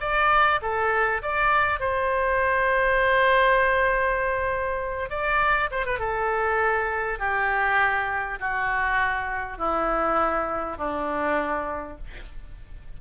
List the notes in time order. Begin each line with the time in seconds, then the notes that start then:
0.00 D5
0.62 A4
1.22 D5
1.80 C5
5.09 D5
5.71 C5
5.86 B4
5.99 A4
7.19 G4
8.40 F#4
9.58 E4
10.77 D4